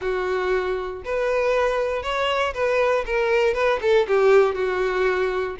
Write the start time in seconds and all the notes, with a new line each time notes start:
0.01 F#4
1.04 B4
2.02 C#5
2.54 B4
3.05 A#4
3.54 B4
3.81 A4
4.07 G4
4.54 F#4